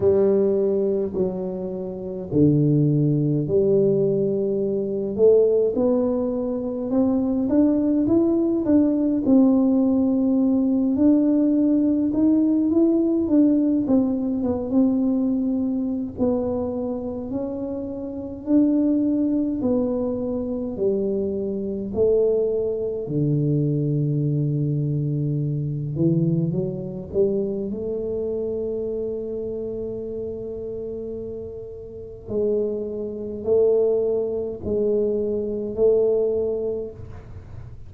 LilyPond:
\new Staff \with { instrumentName = "tuba" } { \time 4/4 \tempo 4 = 52 g4 fis4 d4 g4~ | g8 a8 b4 c'8 d'8 e'8 d'8 | c'4. d'4 dis'8 e'8 d'8 | c'8 b16 c'4~ c'16 b4 cis'4 |
d'4 b4 g4 a4 | d2~ d8 e8 fis8 g8 | a1 | gis4 a4 gis4 a4 | }